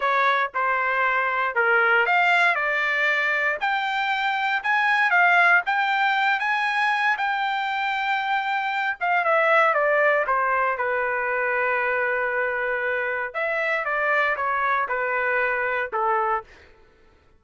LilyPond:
\new Staff \with { instrumentName = "trumpet" } { \time 4/4 \tempo 4 = 117 cis''4 c''2 ais'4 | f''4 d''2 g''4~ | g''4 gis''4 f''4 g''4~ | g''8 gis''4. g''2~ |
g''4. f''8 e''4 d''4 | c''4 b'2.~ | b'2 e''4 d''4 | cis''4 b'2 a'4 | }